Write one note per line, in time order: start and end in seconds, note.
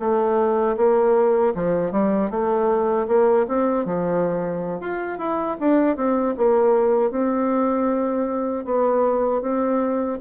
0.00 0.77 A3
0.77 1.54 A#3
1.55 1.92 F3
1.92 2.31 G3
2.31 3.08 A3
3.08 3.47 A#3
3.49 3.85 C4
3.85 4.81 F3
4.81 5.19 F4
5.19 5.57 E4
5.60 5.97 D4
5.97 6.35 C4
6.38 7.11 A#3
7.11 8.65 C4
8.65 9.42 B3
9.42 10.19 C4